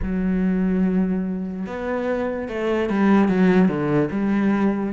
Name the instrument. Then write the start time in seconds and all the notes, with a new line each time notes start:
cello
0.02 F#3
1.66 B3
2.48 A3
2.89 G3
3.28 F#3
3.68 D3
4.11 G3